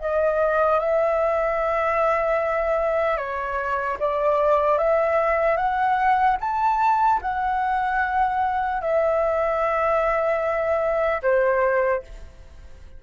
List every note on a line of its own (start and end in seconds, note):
0.00 0.79 D#5
0.79 3.17 E5
3.17 3.97 C#5
3.99 4.78 D5
4.78 5.57 E5
5.57 6.37 F#5
6.40 7.20 A5
7.22 8.81 F#5
8.81 11.21 E5
11.22 12.02 C5